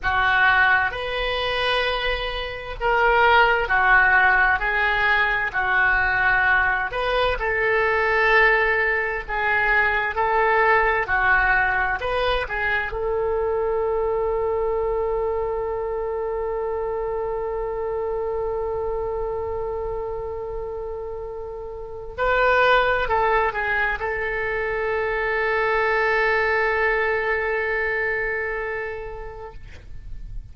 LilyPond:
\new Staff \with { instrumentName = "oboe" } { \time 4/4 \tempo 4 = 65 fis'4 b'2 ais'4 | fis'4 gis'4 fis'4. b'8 | a'2 gis'4 a'4 | fis'4 b'8 gis'8 a'2~ |
a'1~ | a'1 | b'4 a'8 gis'8 a'2~ | a'1 | }